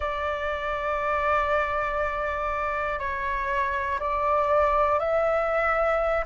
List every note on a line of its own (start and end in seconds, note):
0.00 2.99 D5
2.99 3.99 C#5
3.99 4.99 D5
4.99 6.24 E5